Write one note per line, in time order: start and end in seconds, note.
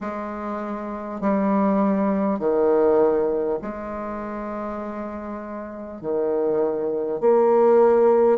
0.00 1.20 G#3
1.20 2.39 G3
2.39 3.59 D#3
3.61 6.01 G#3
6.01 7.20 D#3
7.20 8.38 A#3